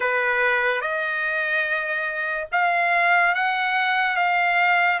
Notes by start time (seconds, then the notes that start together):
0.00 B4
0.81 D#5
2.52 F5
3.34 F#5
4.16 F5